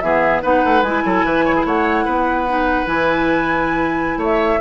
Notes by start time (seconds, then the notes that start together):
0.00 E3 B3 G#4 E5
0.42 B3 D#4 B4 F#5
0.64 A3
0.82 G#3 E4 G#5
1.04 F#3 A4
1.24 E3 B4
1.44 C#5
1.55 G#4
1.65 A3 C#5 F#5
2.05 B3 B4
2.48 D#4
2.86 E3 E4 G#5
4.17 A3 C#5
4.23 E5